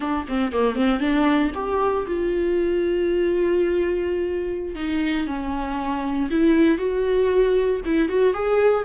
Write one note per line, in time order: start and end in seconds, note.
0.00 0.26 D4
0.28 0.52 C4
0.52 0.75 A#3
0.75 1.00 C4
1.00 1.51 D4
1.54 2.05 G4
2.07 4.75 F4
4.75 5.26 D#4
5.26 6.29 C#4
6.30 6.78 E4
6.78 7.80 F#4
7.85 8.08 E4
8.08 8.33 F#4
8.33 8.84 G#4